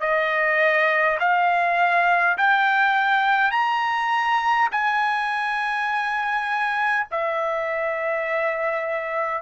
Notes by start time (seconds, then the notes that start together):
0.00 D#5
1.19 F5
2.37 G5
3.51 A#5
4.72 G#5
7.11 E5